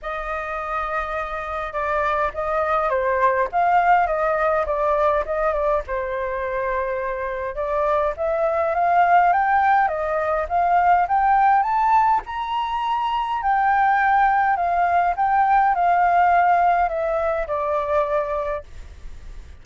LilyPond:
\new Staff \with { instrumentName = "flute" } { \time 4/4 \tempo 4 = 103 dis''2. d''4 | dis''4 c''4 f''4 dis''4 | d''4 dis''8 d''8 c''2~ | c''4 d''4 e''4 f''4 |
g''4 dis''4 f''4 g''4 | a''4 ais''2 g''4~ | g''4 f''4 g''4 f''4~ | f''4 e''4 d''2 | }